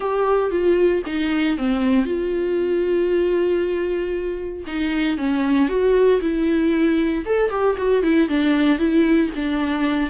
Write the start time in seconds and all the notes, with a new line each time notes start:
0.00 G4
0.50 F4
1.06 D#4
1.57 C4
2.05 F4
4.66 D#4
5.17 C#4
5.68 F#4
6.21 E4
7.25 A4
7.50 G4
7.77 F#4
8.03 E4
8.29 D4
8.78 E4
9.35 D4